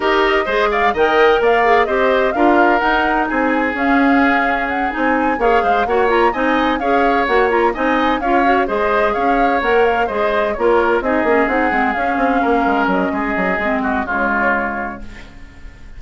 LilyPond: <<
  \new Staff \with { instrumentName = "flute" } { \time 4/4 \tempo 4 = 128 dis''4. f''8 g''4 f''4 | dis''4 f''4 fis''4 gis''4 | f''2 fis''8 gis''4 f''8~ | f''8 fis''8 ais''8 gis''4 f''4 fis''8 |
ais''8 gis''4 f''4 dis''4 f''8~ | f''8 fis''8 f''8 dis''4 cis''4 dis''8~ | dis''8 fis''4 f''2 dis''8~ | dis''2 cis''2 | }
  \new Staff \with { instrumentName = "oboe" } { \time 4/4 ais'4 c''8 d''8 dis''4 d''4 | c''4 ais'2 gis'4~ | gis'2.~ gis'8 cis''8 | c''8 cis''4 dis''4 cis''4.~ |
cis''8 dis''4 cis''4 c''4 cis''8~ | cis''4. c''4 ais'4 gis'8~ | gis'2~ gis'8 ais'4. | gis'4. fis'8 f'2 | }
  \new Staff \with { instrumentName = "clarinet" } { \time 4/4 g'4 gis'4 ais'4. gis'8 | g'4 f'4 dis'2 | cis'2~ cis'8 dis'4 gis'8~ | gis'8 fis'8 f'8 dis'4 gis'4 fis'8 |
f'8 dis'4 f'8 fis'8 gis'4.~ | gis'8 ais'4 gis'4 f'4 dis'8 | cis'8 dis'8 c'8 cis'2~ cis'8~ | cis'4 c'4 gis2 | }
  \new Staff \with { instrumentName = "bassoon" } { \time 4/4 dis'4 gis4 dis4 ais4 | c'4 d'4 dis'4 c'4 | cis'2~ cis'8 c'4 ais8 | gis8 ais4 c'4 cis'4 ais8~ |
ais8 c'4 cis'4 gis4 cis'8~ | cis'8 ais4 gis4 ais4 c'8 | ais8 c'8 gis8 cis'8 c'8 ais8 gis8 fis8 | gis8 fis8 gis4 cis2 | }
>>